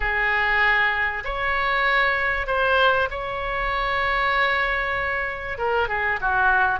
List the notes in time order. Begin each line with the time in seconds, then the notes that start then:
0.00 G#4
1.24 C#5
2.46 C5
3.10 C#5
5.58 A#4
5.88 G#4
6.20 F#4